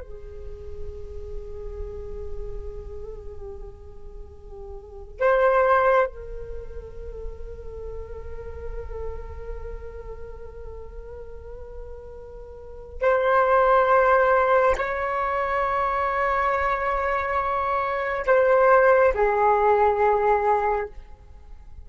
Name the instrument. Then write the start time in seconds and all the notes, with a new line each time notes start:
flute
0.00 G#4
5.19 C5
6.06 A#4
13.01 C5
14.77 C#5
18.26 C5
19.14 G#4